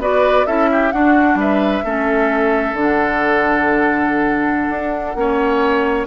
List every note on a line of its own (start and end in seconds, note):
0.00 0.46 B3
0.00 0.47 F#4
0.00 0.47 B4
0.00 0.47 D5
0.47 0.93 C#4
0.47 0.92 E4
0.47 0.70 A4
0.47 0.92 E5
0.72 0.93 G4
0.92 1.84 D4
0.92 1.35 D4
0.92 1.39 F#4
0.92 1.38 F#5
1.35 1.81 G3
1.35 1.85 B4
1.35 2.77 E5
1.85 2.73 A3
1.85 2.77 C#4
1.85 5.17 A4
2.73 4.68 D3
2.73 5.17 D4
2.73 6.07 F#5
4.70 5.16 D4
5.16 6.07 A#3
5.16 6.07 C#4
5.16 6.07 C#5